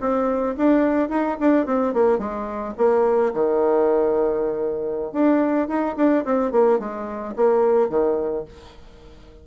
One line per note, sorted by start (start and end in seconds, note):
0.00 0.56 C4
0.57 1.09 D4
1.09 1.37 D#4
1.40 1.66 D4
1.66 1.93 C4
1.93 2.18 A#3
2.18 2.74 G#3
2.78 3.33 A#3
3.33 5.12 D#3
5.12 5.68 D4
5.68 5.95 D#4
5.96 6.24 D4
6.25 6.51 C4
6.51 6.79 A#3
6.79 7.34 G#3
7.36 7.89 A#3
7.89 8.44 D#3